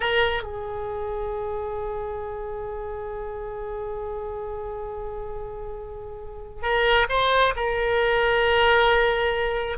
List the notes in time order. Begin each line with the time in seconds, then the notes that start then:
0.00 A#4
0.42 G#4
6.62 A#4
7.09 C5
7.56 A#4